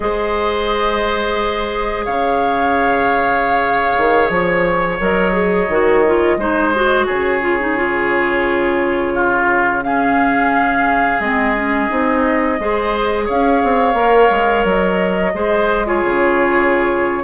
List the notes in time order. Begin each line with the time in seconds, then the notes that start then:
0.00 G#3 G#4 C5 D#5
2.05 C#3 C#5 F5
3.97 D#3
4.28 F3 C#5
4.99 F#3 A#4 D#5
5.32 G#4
5.68 D#3 F#4
6.05 F4
6.37 G#3 D#4 C5
6.74 F#4
7.06 C#3 G#4 C#5
7.41 F4
7.59 D#4
7.76 F4
9.14 F4
9.82 C#4 G#4 F5
11.19 G#3 C4 D#5
11.55 C#4
11.89 C4 D#4
12.59 G#3 G#4 C5
13.25 C#4 C#5 F5
13.63 C4
13.93 A#3 A#4
14.30 G#3
14.64 F#3 D#5
15.34 G#3 G#4 C5
15.85 F4 G#4 C#5
16.04 C#3